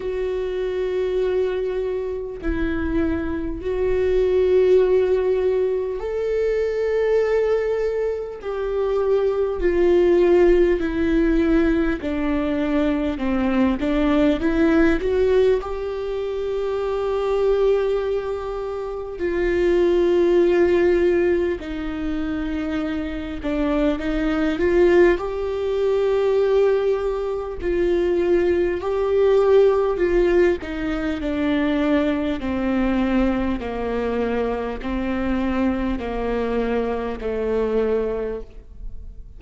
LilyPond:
\new Staff \with { instrumentName = "viola" } { \time 4/4 \tempo 4 = 50 fis'2 e'4 fis'4~ | fis'4 a'2 g'4 | f'4 e'4 d'4 c'8 d'8 | e'8 fis'8 g'2. |
f'2 dis'4. d'8 | dis'8 f'8 g'2 f'4 | g'4 f'8 dis'8 d'4 c'4 | ais4 c'4 ais4 a4 | }